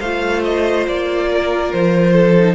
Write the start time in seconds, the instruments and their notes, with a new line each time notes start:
0.00 cello A3, viola F4, violin C5 F5
0.44 violin D#5
0.88 cello A#3, violin D5
1.31 violin A#4
1.73 cello F3, violin C5
2.13 violin A4
2.39 viola D#4